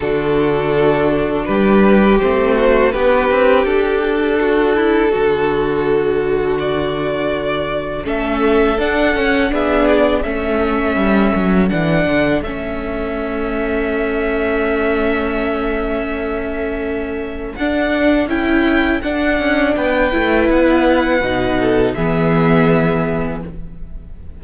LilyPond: <<
  \new Staff \with { instrumentName = "violin" } { \time 4/4 \tempo 4 = 82 a'2 b'4 c''4 | b'4 a'2.~ | a'4 d''2 e''4 | fis''4 e''8 d''8 e''2 |
fis''4 e''2.~ | e''1 | fis''4 g''4 fis''4 g''4 | fis''2 e''2 | }
  \new Staff \with { instrumentName = "violin" } { \time 4/4 fis'2 g'4. fis'8 | g'2 fis'8 e'8 fis'4~ | fis'2. a'4~ | a'4 gis'4 a'2~ |
a'1~ | a'1~ | a'2. b'4~ | b'4. a'8 gis'2 | }
  \new Staff \with { instrumentName = "viola" } { \time 4/4 d'2. c'4 | d'1~ | d'2. cis'4 | d'8 cis'8 d'4 cis'2 |
d'4 cis'2.~ | cis'1 | d'4 e'4 d'4. e'8~ | e'4 dis'4 b2 | }
  \new Staff \with { instrumentName = "cello" } { \time 4/4 d2 g4 a4 | b8 c'8 d'2 d4~ | d2. a4 | d'8 cis'8 b4 a4 g8 fis8 |
e8 d8 a2.~ | a1 | d'4 cis'4 d'8 cis'8 b8 a8 | b4 b,4 e2 | }
>>